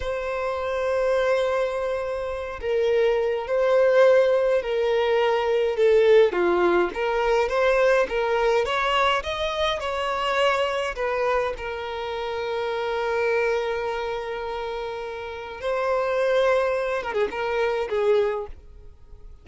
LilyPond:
\new Staff \with { instrumentName = "violin" } { \time 4/4 \tempo 4 = 104 c''1~ | c''8 ais'4. c''2 | ais'2 a'4 f'4 | ais'4 c''4 ais'4 cis''4 |
dis''4 cis''2 b'4 | ais'1~ | ais'2. c''4~ | c''4. ais'16 gis'16 ais'4 gis'4 | }